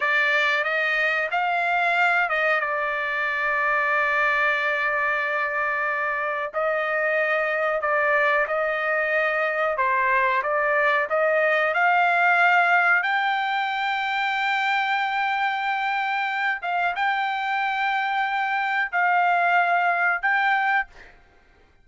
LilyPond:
\new Staff \with { instrumentName = "trumpet" } { \time 4/4 \tempo 4 = 92 d''4 dis''4 f''4. dis''8 | d''1~ | d''2 dis''2 | d''4 dis''2 c''4 |
d''4 dis''4 f''2 | g''1~ | g''4. f''8 g''2~ | g''4 f''2 g''4 | }